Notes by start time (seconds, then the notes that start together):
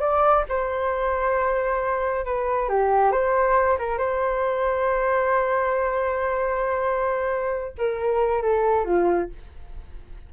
0.00 D5
0.49 C5
2.25 B4
2.69 G4
3.11 C5
3.78 A#4
3.98 C5
7.78 A#4
8.42 A4
8.85 F4